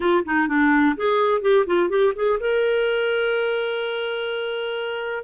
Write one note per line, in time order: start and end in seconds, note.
0.00 0.24 F4
0.25 0.48 D#4
0.48 0.95 D4
0.96 1.41 G#4
1.41 1.65 G4
1.66 1.89 F4
1.89 2.13 G4
2.15 2.39 G#4
2.40 5.23 A#4